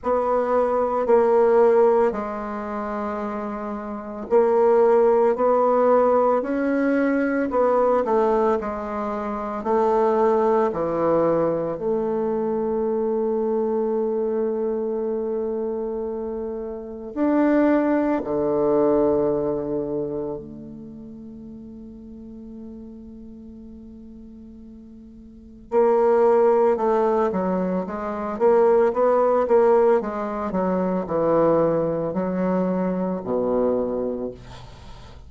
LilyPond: \new Staff \with { instrumentName = "bassoon" } { \time 4/4 \tempo 4 = 56 b4 ais4 gis2 | ais4 b4 cis'4 b8 a8 | gis4 a4 e4 a4~ | a1 |
d'4 d2 a4~ | a1 | ais4 a8 fis8 gis8 ais8 b8 ais8 | gis8 fis8 e4 fis4 b,4 | }